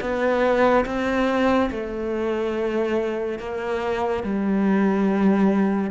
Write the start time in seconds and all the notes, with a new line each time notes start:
0.00 B3
0.85 C4
1.70 A3
3.38 A#3
4.23 G3